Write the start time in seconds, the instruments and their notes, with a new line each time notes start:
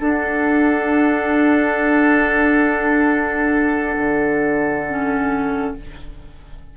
0.00 bassoon D4, clarinet D4, oboe A4, flute F#5
3.97 bassoon D3
4.89 clarinet C#4